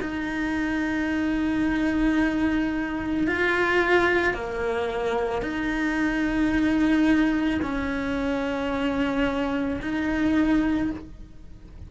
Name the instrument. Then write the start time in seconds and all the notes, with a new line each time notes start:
cello
0.00 D#4
3.27 F4
4.33 A#3
5.41 D#4
7.62 C#4
9.81 D#4